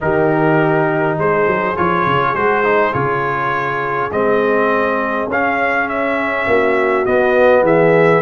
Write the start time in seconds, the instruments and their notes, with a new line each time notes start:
0.00 tuba D#3, trombone D#4, horn G4, trumpet A#4
1.18 tuba G#3, horn G#4, trumpet C5
1.46 tuba F#3
1.76 tuba F3, trombone F4, trumpet C#5
2.06 tuba C#3
2.33 tuba G#3, trombone F#4, trumpet C5
2.63 trombone D#4
2.92 tuba C#3, trombone F4, trumpet C#5
4.11 tuba G#3, trombone C4, trumpet D#5
5.27 tuba C#4, trombone C#4, trumpet F5
5.88 trumpet E5
6.47 tuba A#3, horn F#4
7.05 trombone B3, tuba B3, trumpet D#5
7.62 tuba E3, horn G#4, trumpet E5